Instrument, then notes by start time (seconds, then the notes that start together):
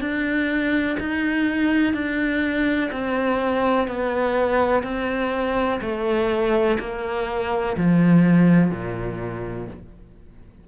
cello
0.00 D4
0.99 D#4
1.94 D4
2.92 C4
3.88 B3
4.83 C4
5.81 A3
6.80 A#3
7.77 F3
8.71 A#2